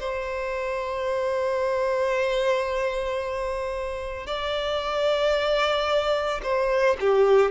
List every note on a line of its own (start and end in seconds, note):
0.00 4.27 C5
4.27 6.41 D5
6.43 6.97 C5
7.00 7.51 G4